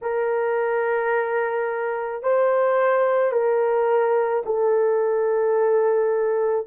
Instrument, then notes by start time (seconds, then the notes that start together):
horn
0.01 A#4
2.22 C5
3.32 A#4
4.45 A4